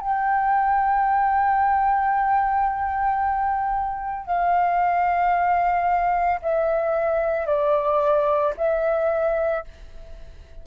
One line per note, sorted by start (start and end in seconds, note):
0.00 4.26 G5
4.26 6.40 F5
6.42 7.46 E5
7.46 8.53 D5
8.57 9.64 E5